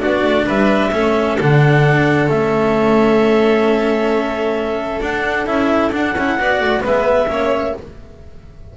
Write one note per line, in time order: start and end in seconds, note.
0.00 0.24 B3
0.00 0.91 D4
0.00 0.46 F#4
0.00 0.46 D5
0.24 0.47 A3
0.46 0.93 G3
0.46 0.92 B4
0.46 1.39 E5
0.93 1.39 A3
0.93 1.38 C#4
0.93 6.39 A4
1.40 2.30 D3
1.40 2.28 D4
1.40 2.30 F#5
2.28 5.01 A3
2.28 5.00 C#4
2.28 5.02 E5
5.01 5.46 D4
5.01 5.47 D4
5.01 5.46 F#5
5.46 5.92 C#4
5.46 5.92 E4
5.46 5.92 E5
5.93 6.16 D4
5.93 6.15 D4
5.93 6.85 F#5
6.15 6.38 C#4
6.15 6.39 E4
6.39 6.60 B3
6.39 6.81 F#4
6.39 6.83 D5
6.60 6.83 A3
6.81 7.29 G#3
6.81 7.26 B3
6.81 7.29 B4
6.81 7.77 E5
7.28 7.74 A#3
7.28 7.73 C#4
7.28 7.77 C#5